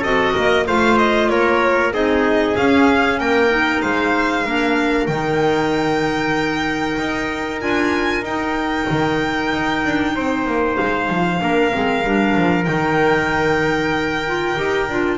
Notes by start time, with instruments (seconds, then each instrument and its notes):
0.00 double bass C4, clarinet F#4, trumpet A4, violin D#5
0.32 double bass A#3, trumpet A#4
0.66 double bass A3, clarinet F4, trumpet C5, violin F5
0.98 violin D#5
1.29 double bass A#3, trumpet A#4, violin C#5
1.92 double bass C4, clarinet D#4, trumpet G#4, violin D#5
2.56 clarinet C#4, double bass C#4, violin F5
3.19 double bass A#3, trumpet A#4, violin G5
3.50 clarinet D#4
3.81 double bass G#3, trumpet C5, violin F5
4.45 double bass A#3, clarinet D4, trumpet A#4
5.07 double bass D#3, clarinet D#4, violin G5
6.99 double bass D#4
7.60 double bass D4, clarinet F4, violin G#5
8.22 double bass D#4, clarinet D#4, violin G5
8.90 double bass D#3
9.53 double bass D#4
9.84 double bass D4
10.15 double bass C4, trumpet C5
10.46 double bass A#3
10.76 double bass G#3, violin F5
11.09 double bass F3
11.39 double bass A#3, clarinet D4, trumpet A#4
11.71 double bass G#3, clarinet C4
12.04 double bass G3, clarinet D4
12.36 double bass F3
12.64 double bass D#3, clarinet D#4, violin G5
14.27 clarinet F4
14.56 double bass D#4, clarinet G4
14.89 double bass D4, clarinet F4